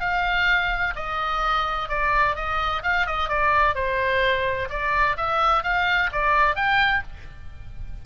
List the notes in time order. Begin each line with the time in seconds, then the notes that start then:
0.00 F5
0.95 D#5
1.89 D5
2.35 D#5
2.83 F5
3.06 D#5
3.29 D5
3.75 C5
4.69 D5
5.16 E5
5.63 F5
6.12 D5
6.56 G5